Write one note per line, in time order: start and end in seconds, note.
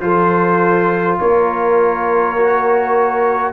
0.00 1.18 F3
0.00 2.36 F4
0.00 1.20 A4
0.00 1.18 C5
1.20 3.53 A#3
1.20 3.53 A#4
1.20 3.53 C#5
2.37 3.53 F#4